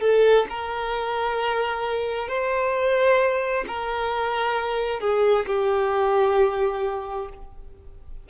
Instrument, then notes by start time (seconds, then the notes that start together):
violin
0.00 A4
0.49 A#4
2.28 C5
3.67 A#4
5.00 G#4
5.46 G4